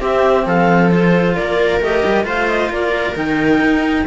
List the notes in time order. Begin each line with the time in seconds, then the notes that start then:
0.00 C4 G4 E5
0.46 F3 A4 F5
0.90 F4 C5
1.35 A#3 A#4 D5
1.80 A3 G4 D#5
2.05 G3
2.23 A3 F4 C5 F5
2.48 D#5
2.69 A#3 A#4 D5
3.15 D#3 D#4 G5
3.61 D#4